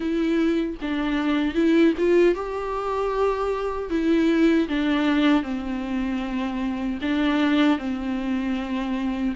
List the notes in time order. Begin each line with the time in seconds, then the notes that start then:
0.00 E4
0.81 D4
1.54 E4
1.98 F4
2.34 G4
3.90 E4
4.68 D4
5.42 C4
7.01 D4
7.78 C4